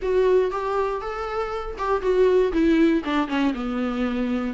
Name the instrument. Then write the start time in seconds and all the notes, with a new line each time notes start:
viola
0.01 F#4
0.51 G4
1.01 A4
1.78 G4
2.01 F#4
2.52 E4
3.04 D4
3.28 C#4
3.53 B3